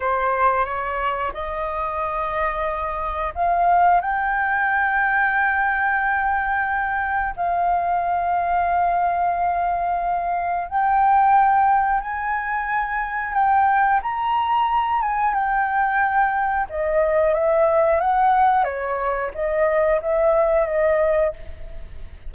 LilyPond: \new Staff \with { instrumentName = "flute" } { \time 4/4 \tempo 4 = 90 c''4 cis''4 dis''2~ | dis''4 f''4 g''2~ | g''2. f''4~ | f''1 |
g''2 gis''2 | g''4 ais''4. gis''8 g''4~ | g''4 dis''4 e''4 fis''4 | cis''4 dis''4 e''4 dis''4 | }